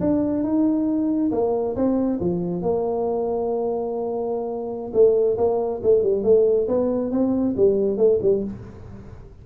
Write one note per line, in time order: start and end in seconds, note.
0.00 0.43 D4
0.43 1.31 D#4
1.32 1.75 A#3
1.76 2.20 C4
2.20 2.62 F3
2.62 4.92 A#3
4.93 5.37 A3
5.37 5.81 A#3
5.83 6.03 A3
6.03 6.23 G3
6.23 6.67 A3
6.68 7.11 B3
7.11 7.55 C4
7.57 7.97 G3
7.97 8.19 A3
8.22 8.44 G3